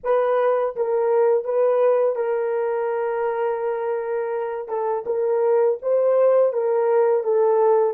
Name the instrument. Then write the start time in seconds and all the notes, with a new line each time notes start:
horn
0.03 B4
0.76 A#4
1.44 B4
2.15 A#4
4.68 A4
5.06 A#4
5.82 C5
6.53 A#4
7.23 A4